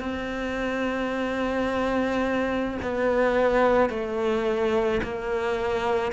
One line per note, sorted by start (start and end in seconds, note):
0.00 2.78 C4
2.82 3.90 B3
3.90 5.01 A3
5.03 6.13 A#3